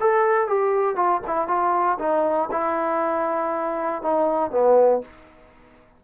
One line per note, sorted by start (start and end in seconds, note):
0.00 0.47 A4
0.47 0.96 G4
0.96 1.21 F4
1.27 1.48 E4
1.48 1.98 F4
1.99 2.49 D#4
2.51 4.02 E4
4.02 4.51 D#4
4.51 5.01 B3